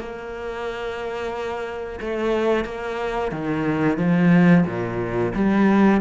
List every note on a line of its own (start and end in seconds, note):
0.00 2.00 A#3
2.01 2.65 A3
2.65 3.32 A#3
3.32 3.98 D#3
3.98 4.65 F3
4.66 5.33 A#2
5.35 6.02 G3